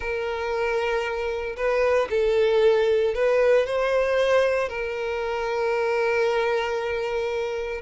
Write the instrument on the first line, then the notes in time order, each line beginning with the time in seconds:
violin
0.00 A#4
1.56 B4
2.09 A4
3.14 B4
3.66 C5
4.68 A#4